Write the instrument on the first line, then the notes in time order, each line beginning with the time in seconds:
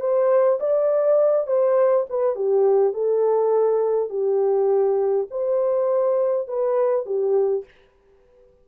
horn
0.00 C5
0.60 D5
1.47 C5
2.09 B4
2.35 G4
2.93 A4
4.09 G4
5.30 C5
6.48 B4
7.06 G4